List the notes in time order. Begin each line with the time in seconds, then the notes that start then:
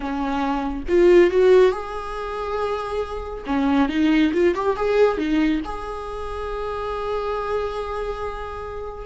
0.00 C#4
0.88 F4
1.30 F#4
1.71 G#4
3.46 C#4
3.88 D#4
4.33 F4
4.54 G4
4.76 G#4
5.17 D#4
5.64 G#4